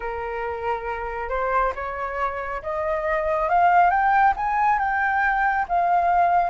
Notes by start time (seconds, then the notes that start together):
0.00 A#4
1.29 C5
1.75 C#5
2.62 D#5
3.48 F5
3.90 G5
4.36 G#5
4.78 G5
5.68 F5